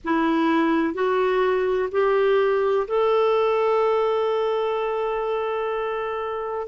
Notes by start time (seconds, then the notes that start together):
0.04 E4
0.94 F#4
1.91 G4
2.87 A4